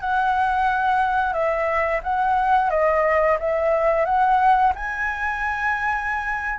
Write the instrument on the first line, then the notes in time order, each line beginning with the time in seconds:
flute
0.00 F#5
1.33 E5
2.03 F#5
2.70 D#5
3.40 E5
4.05 F#5
4.75 G#5